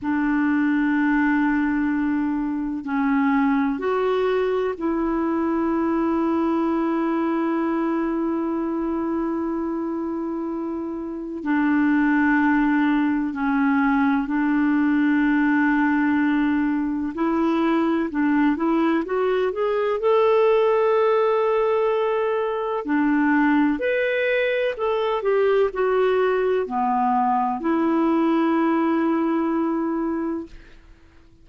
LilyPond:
\new Staff \with { instrumentName = "clarinet" } { \time 4/4 \tempo 4 = 63 d'2. cis'4 | fis'4 e'2.~ | e'1 | d'2 cis'4 d'4~ |
d'2 e'4 d'8 e'8 | fis'8 gis'8 a'2. | d'4 b'4 a'8 g'8 fis'4 | b4 e'2. | }